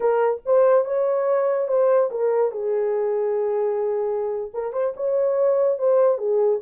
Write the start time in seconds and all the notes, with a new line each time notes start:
0.00 A#4
0.45 C5
0.84 C#5
1.67 C5
2.10 A#4
2.51 G#4
4.53 A#4
4.73 C5
4.96 C#5
5.78 C5
6.18 G#4